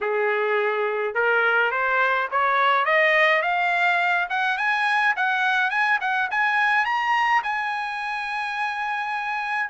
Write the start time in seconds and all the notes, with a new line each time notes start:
0.00 G#4
1.14 A#4
1.71 C5
2.31 C#5
2.85 D#5
3.42 F5
4.29 F#5
4.57 G#5
5.16 F#5
5.70 G#5
6.00 F#5
6.31 G#5
6.85 A#5
7.43 G#5